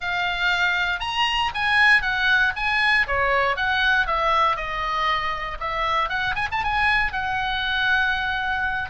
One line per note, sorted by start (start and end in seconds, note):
0.00 0.99 F5
0.99 1.50 A#5
1.54 2.02 G#5
2.02 2.53 F#5
2.56 3.06 G#5
3.07 3.56 C#5
3.56 4.07 F#5
4.07 4.56 E5
4.56 5.58 D#5
5.59 6.09 E5
6.09 6.34 F#5
6.35 6.48 G#5
6.51 6.63 A5
6.63 7.12 G#5
7.12 8.90 F#5